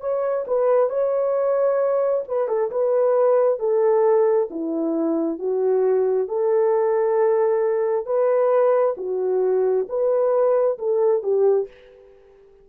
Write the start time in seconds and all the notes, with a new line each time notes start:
0.00 C#5
0.47 B4
0.89 C#5
2.28 B4
2.48 A4
2.70 B4
3.59 A4
4.50 E4
5.39 F#4
6.28 A4
8.06 B4
8.97 F#4
9.88 B4
10.78 A4
11.23 G4